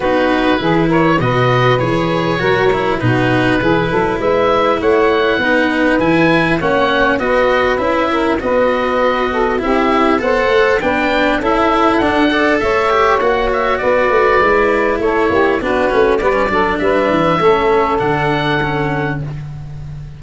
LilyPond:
<<
  \new Staff \with { instrumentName = "oboe" } { \time 4/4 \tempo 4 = 100 b'4. cis''8 dis''4 cis''4~ | cis''4 b'2 e''4 | fis''2 gis''4 fis''4 | dis''4 e''4 dis''2 |
e''4 fis''4 g''4 e''4 | fis''4 e''4 fis''8 e''8 d''4~ | d''4 cis''4 b'4 d''4 | e''2 fis''2 | }
  \new Staff \with { instrumentName = "saxophone" } { \time 4/4 fis'4 gis'8 ais'8 b'2 | ais'4 fis'4 gis'8 a'8 b'4 | cis''4 b'2 cis''4 | b'4. ais'8 b'4. a'8 |
g'4 c''4 b'4 a'4~ | a'8 d''8 cis''2 b'4~ | b'4 a'8 g'8 fis'4 b'8 a'8 | b'4 a'2. | }
  \new Staff \with { instrumentName = "cello" } { \time 4/4 dis'4 e'4 fis'4 gis'4 | fis'8 e'8 dis'4 e'2~ | e'4 dis'4 e'4 cis'4 | fis'4 e'4 fis'2 |
e'4 a'4 d'4 e'4 | d'8 a'4 g'8 fis'2 | e'2 d'8 cis'8 b16 cis'16 d'8~ | d'4 cis'4 d'4 cis'4 | }
  \new Staff \with { instrumentName = "tuba" } { \time 4/4 b4 e4 b,4 e4 | fis4 b,4 e8 fis8 gis4 | a4 b4 e4 ais4 | b4 cis'4 b2 |
c'4 b8 a8 b4 cis'4 | d'4 a4 ais4 b8 a8 | gis4 a8 ais8 b8 a8 g8 fis8 | g8 e8 a4 d2 | }
>>